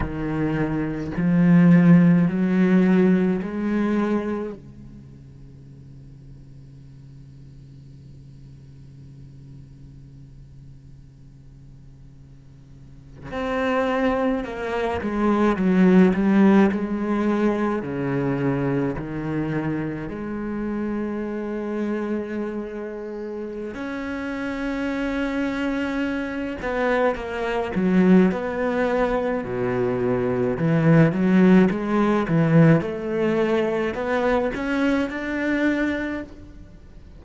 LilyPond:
\new Staff \with { instrumentName = "cello" } { \time 4/4 \tempo 4 = 53 dis4 f4 fis4 gis4 | cis1~ | cis2.~ cis8. c'16~ | c'8. ais8 gis8 fis8 g8 gis4 cis16~ |
cis8. dis4 gis2~ gis16~ | gis4 cis'2~ cis'8 b8 | ais8 fis8 b4 b,4 e8 fis8 | gis8 e8 a4 b8 cis'8 d'4 | }